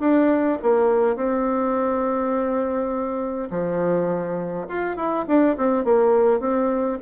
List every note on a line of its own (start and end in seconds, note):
0.00 0.58 D4
0.62 1.16 A#3
1.16 3.49 C4
3.51 4.67 F3
4.68 4.96 F4
4.96 5.25 E4
5.27 5.57 D4
5.57 5.84 C4
5.84 6.40 A#3
6.40 6.98 C4